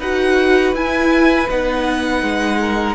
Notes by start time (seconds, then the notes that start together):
0.00 D#4 F#4 B4 F#5
0.73 E4 G#5
1.50 B3 D#4 F#5
2.23 G#3
2.60 A#4